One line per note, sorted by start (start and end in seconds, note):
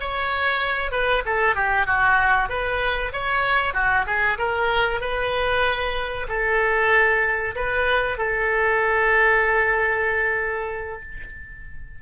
0.00 0.92 C#5
0.92 1.23 B4
1.25 1.55 A4
1.55 1.86 G4
1.86 2.49 F#4
2.49 3.12 B4
3.13 3.74 C#5
3.74 4.05 F#4
4.06 4.38 G#4
4.38 5.01 A#4
5.01 6.27 B4
6.28 7.55 A4
7.55 8.18 B4
8.18 11.02 A4